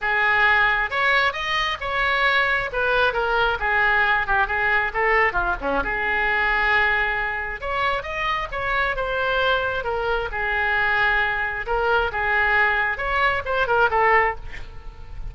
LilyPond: \new Staff \with { instrumentName = "oboe" } { \time 4/4 \tempo 4 = 134 gis'2 cis''4 dis''4 | cis''2 b'4 ais'4 | gis'4. g'8 gis'4 a'4 | f'8 cis'8 gis'2.~ |
gis'4 cis''4 dis''4 cis''4 | c''2 ais'4 gis'4~ | gis'2 ais'4 gis'4~ | gis'4 cis''4 c''8 ais'8 a'4 | }